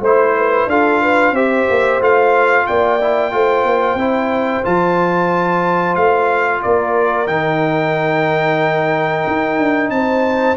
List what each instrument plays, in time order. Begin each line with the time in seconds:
0.00 tuba A3, trombone E4, horn C5, trumpet C5
0.37 horn B4
0.66 tuba D4, trombone F4, horn A4, trumpet F5
1.01 horn B4
1.31 tuba C4, trombone G4, horn C5, trumpet E5
1.70 tuba A#3
2.00 tuba A3, trombone F4, trumpet F5
2.67 tuba A#3, horn D5, trumpet G5
3.01 trombone E4
3.31 tuba A3, trombone F4, horn C5
3.64 tuba A#3
3.95 tuba C4, trombone E4
4.63 tuba F3, trombone F4, trumpet A5
5.95 tuba A3, trumpet F5
6.62 tuba A#3, horn A#4, trumpet D5
7.27 tuba D#3, trombone D#4, trumpet G5
9.27 tuba D#4
9.59 tuba D4
9.90 tuba C4, horn C5, trumpet A5